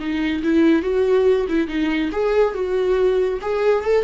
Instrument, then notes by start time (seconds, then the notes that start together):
viola
0.00 D#4
0.44 E4
0.83 F#4
1.49 E4
1.68 D#4
2.13 G#4
2.54 F#4
3.42 G#4
3.85 A4